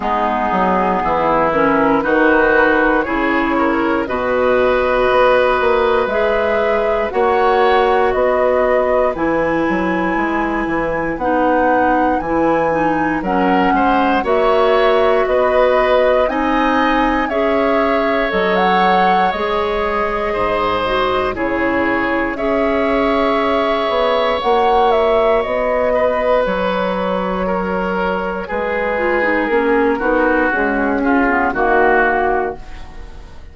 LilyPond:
<<
  \new Staff \with { instrumentName = "flute" } { \time 4/4 \tempo 4 = 59 gis'4. ais'8 b'4 cis''4 | dis''2 e''4 fis''4 | dis''4 gis''2 fis''4 | gis''4 fis''4 e''4 dis''4 |
gis''4 e''4 dis''16 fis''8. dis''4~ | dis''4 cis''4 e''2 | fis''8 e''8 dis''4 cis''2 | b'4 ais'4 gis'4 fis'4 | }
  \new Staff \with { instrumentName = "oboe" } { \time 4/4 dis'4 e'4 fis'4 gis'8 ais'8 | b'2. cis''4 | b'1~ | b'4 ais'8 c''8 cis''4 b'4 |
dis''4 cis''2. | c''4 gis'4 cis''2~ | cis''4. b'4. ais'4 | gis'4. fis'4 f'8 fis'4 | }
  \new Staff \with { instrumentName = "clarinet" } { \time 4/4 b4. cis'8 dis'4 e'4 | fis'2 gis'4 fis'4~ | fis'4 e'2 dis'4 | e'8 dis'8 cis'4 fis'2 |
dis'4 gis'4 a'4 gis'4~ | gis'8 fis'8 e'4 gis'2 | fis'1~ | fis'8 f'16 dis'16 cis'8 dis'8 gis8 cis'16 b16 ais4 | }
  \new Staff \with { instrumentName = "bassoon" } { \time 4/4 gis8 fis8 e4 dis4 cis4 | b,4 b8 ais8 gis4 ais4 | b4 e8 fis8 gis8 e8 b4 | e4 fis8 gis8 ais4 b4 |
c'4 cis'4 fis4 gis4 | gis,4 cis4 cis'4. b8 | ais4 b4 fis2 | gis4 ais8 b8 cis'4 dis4 | }
>>